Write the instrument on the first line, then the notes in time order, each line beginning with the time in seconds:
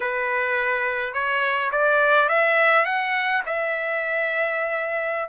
trumpet
0.00 B4
1.13 C#5
1.71 D5
2.28 E5
2.85 F#5
3.46 E5